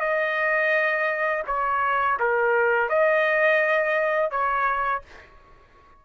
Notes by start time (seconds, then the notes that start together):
0.00 D#5
1.47 C#5
2.20 A#4
2.90 D#5
4.31 C#5